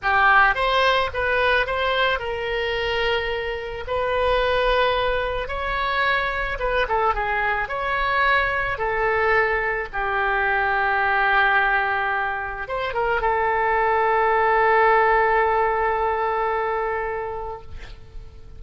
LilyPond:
\new Staff \with { instrumentName = "oboe" } { \time 4/4 \tempo 4 = 109 g'4 c''4 b'4 c''4 | ais'2. b'4~ | b'2 cis''2 | b'8 a'8 gis'4 cis''2 |
a'2 g'2~ | g'2. c''8 ais'8 | a'1~ | a'1 | }